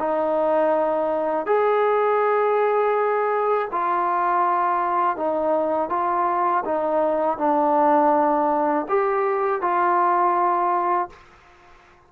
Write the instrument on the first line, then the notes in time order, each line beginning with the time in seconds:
trombone
0.00 D#4
1.46 G#4
3.72 F4
5.17 D#4
5.90 F4
6.65 D#4
7.38 D4
8.89 G4
9.62 F4